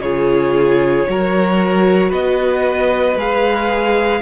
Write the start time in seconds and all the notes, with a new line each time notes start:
0.00 C#3 F4 G#4 C#5
1.07 F#3 F#4 A#4
2.10 B3 B4 D#5
3.16 G#3 G#4 F5